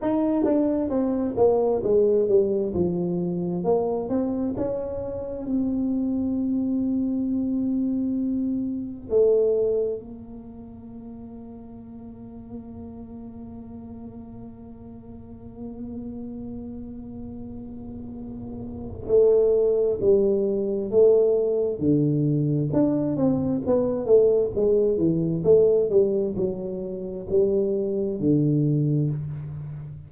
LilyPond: \new Staff \with { instrumentName = "tuba" } { \time 4/4 \tempo 4 = 66 dis'8 d'8 c'8 ais8 gis8 g8 f4 | ais8 c'8 cis'4 c'2~ | c'2 a4 ais4~ | ais1~ |
ais1~ | ais4 a4 g4 a4 | d4 d'8 c'8 b8 a8 gis8 e8 | a8 g8 fis4 g4 d4 | }